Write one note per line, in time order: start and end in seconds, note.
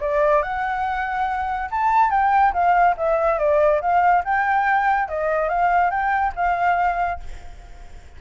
0.00 0.42 D5
0.42 1.69 F#5
1.71 2.10 A5
2.10 2.53 G5
2.53 2.95 F5
2.97 3.38 E5
3.38 3.81 D5
3.81 4.23 F5
4.24 5.08 G5
5.08 5.49 D#5
5.49 5.90 F5
5.90 6.33 G5
6.35 7.20 F5